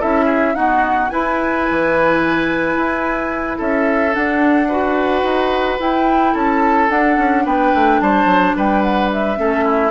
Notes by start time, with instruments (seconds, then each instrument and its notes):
0.00 bassoon C#4, clarinet E4, oboe A4, flute E5
0.25 oboe G#4
0.55 clarinet B3, bassoon D#4, oboe F#4, flute F#5
1.10 clarinet E4, bassoon E4, oboe B4, flute G#5
1.70 bassoon E3
2.76 bassoon E4
3.58 bassoon C#4, oboe A4, flute E5
4.12 clarinet D4, bassoon D4, flute F#5
4.68 clarinet F#4, oboe B4
5.23 bassoon D#4
5.79 clarinet E4, bassoon E4, flute G5
6.33 bassoon C#4, oboe A4, flute A5
6.90 bassoon D4, clarinet D4, flute F#5
7.18 bassoon C#4
7.45 bassoon B3, oboe B4, flute G5
7.74 bassoon A3
8.01 bassoon G3, oboe C5, flute A5
8.25 bassoon F#3
8.56 bassoon G3, oboe B4, flute G5
8.82 flute F#5
9.12 flute E5
9.36 bassoon A3, clarinet C#4, oboe A4
9.64 oboe E4